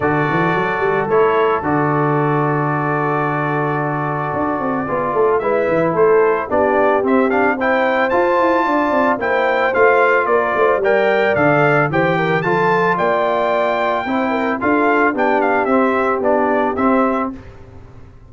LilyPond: <<
  \new Staff \with { instrumentName = "trumpet" } { \time 4/4 \tempo 4 = 111 d''2 cis''4 d''4~ | d''1~ | d''2 e''4 c''4 | d''4 e''8 f''8 g''4 a''4~ |
a''4 g''4 f''4 d''4 | g''4 f''4 g''4 a''4 | g''2. f''4 | g''8 f''8 e''4 d''4 e''4 | }
  \new Staff \with { instrumentName = "horn" } { \time 4/4 a'1~ | a'1~ | a'4 gis'8 a'8 b'4 a'4 | g'2 c''2 |
d''4 c''2 ais'8 c''8 | d''2 c''8 ais'8 a'4 | d''2 c''8 ais'8 a'4 | g'1 | }
  \new Staff \with { instrumentName = "trombone" } { \time 4/4 fis'2 e'4 fis'4~ | fis'1~ | fis'4 f'4 e'2 | d'4 c'8 d'8 e'4 f'4~ |
f'4 e'4 f'2 | ais'4 a'4 g'4 f'4~ | f'2 e'4 f'4 | d'4 c'4 d'4 c'4 | }
  \new Staff \with { instrumentName = "tuba" } { \time 4/4 d8 e8 fis8 g8 a4 d4~ | d1 | d'8 c'8 b8 a8 gis8 e8 a4 | b4 c'2 f'8 e'8 |
d'8 c'8 ais4 a4 ais8 a8 | g4 d4 e4 f4 | ais2 c'4 d'4 | b4 c'4 b4 c'4 | }
>>